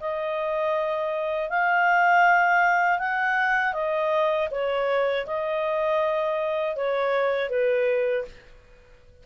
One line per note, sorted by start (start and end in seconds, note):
0.00 1.50 D#5
1.50 2.99 F5
2.99 3.74 F#5
3.74 4.49 D#5
4.51 5.26 C#5
5.27 6.76 D#5
6.76 7.50 C#5
7.50 8.25 B4